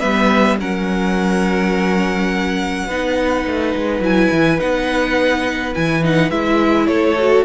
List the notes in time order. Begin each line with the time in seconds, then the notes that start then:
0.00 G3 B3 B4 E5
0.60 F#3 C#4 A#4 F#5
2.87 B3 D#4 B4
3.47 A3
3.76 G#3
4.00 F#3 E4 G#5
4.32 E3
4.59 B3 D#4 F#5
5.75 E3 E4 G#5
6.03 D#4 F#5
6.31 G#3 E4 E5
6.87 A3 A4 C#5
7.19 F#4